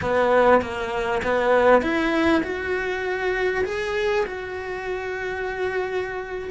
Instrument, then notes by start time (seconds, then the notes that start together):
cello
0.01 B3
0.61 A#3
1.22 B3
1.82 E4
2.43 F#4
3.64 G#4
4.26 F#4